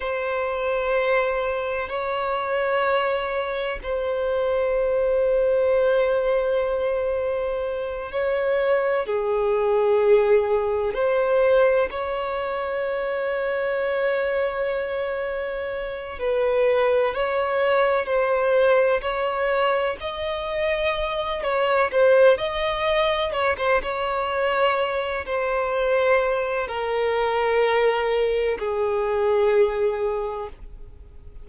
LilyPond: \new Staff \with { instrumentName = "violin" } { \time 4/4 \tempo 4 = 63 c''2 cis''2 | c''1~ | c''8 cis''4 gis'2 c''8~ | c''8 cis''2.~ cis''8~ |
cis''4 b'4 cis''4 c''4 | cis''4 dis''4. cis''8 c''8 dis''8~ | dis''8 cis''16 c''16 cis''4. c''4. | ais'2 gis'2 | }